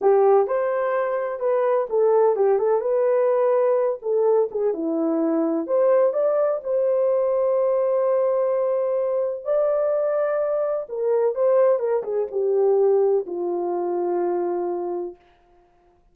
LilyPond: \new Staff \with { instrumentName = "horn" } { \time 4/4 \tempo 4 = 127 g'4 c''2 b'4 | a'4 g'8 a'8 b'2~ | b'8 a'4 gis'8 e'2 | c''4 d''4 c''2~ |
c''1 | d''2. ais'4 | c''4 ais'8 gis'8 g'2 | f'1 | }